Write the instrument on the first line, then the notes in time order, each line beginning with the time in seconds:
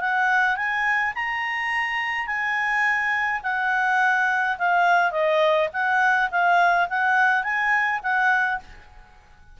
clarinet
0.00 F#5
0.56 G#5
1.15 A#5
2.26 G#5
3.43 F#5
4.58 F5
5.11 D#5
5.72 F#5
6.31 F5
6.89 F#5
7.43 G#5
8.03 F#5